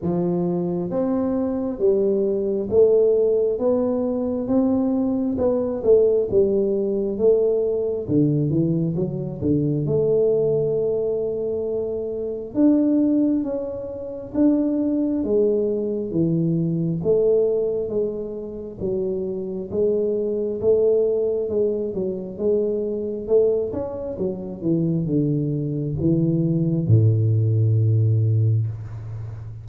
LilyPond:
\new Staff \with { instrumentName = "tuba" } { \time 4/4 \tempo 4 = 67 f4 c'4 g4 a4 | b4 c'4 b8 a8 g4 | a4 d8 e8 fis8 d8 a4~ | a2 d'4 cis'4 |
d'4 gis4 e4 a4 | gis4 fis4 gis4 a4 | gis8 fis8 gis4 a8 cis'8 fis8 e8 | d4 e4 a,2 | }